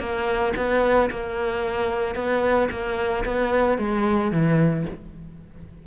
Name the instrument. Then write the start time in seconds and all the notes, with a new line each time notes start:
cello
0.00 A#3
0.56 B3
1.11 A#3
2.15 B3
2.71 A#3
3.25 B3
3.78 G#3
4.32 E3